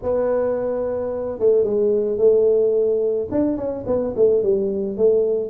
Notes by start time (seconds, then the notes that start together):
0.02 B3
1.39 A3
1.64 G#3
2.18 A3
3.31 D4
3.56 C#4
3.86 B3
4.16 A3
4.42 G3
4.97 A3